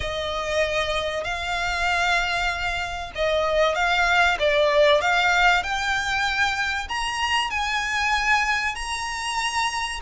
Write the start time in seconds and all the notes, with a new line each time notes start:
0.00 D#5
1.24 F5
3.15 D#5
3.75 F5
4.39 D5
5.01 F5
5.62 G5
6.88 A#5
7.50 G#5
8.75 A#5